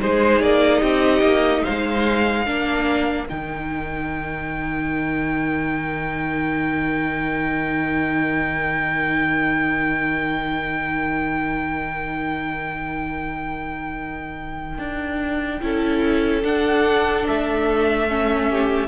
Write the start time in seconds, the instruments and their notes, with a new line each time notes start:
0.00 cello G#3, viola D#4, violin G#4 C5
0.40 cello A#3, violin D5
0.80 cello C4, violin G4 D#5
1.21 cello A#3
1.63 cello G#3, violin C5 F5
2.44 cello A#3, viola D4, violin A#4
3.28 cello D#3, viola D#4, violin G5
14.78 cello D4
15.61 cello C#4, viola E4, violin A4
16.43 cello D4, viola D4, violin F#5
17.27 cello A3, violin E5
18.08 viola C#4
18.48 violin G4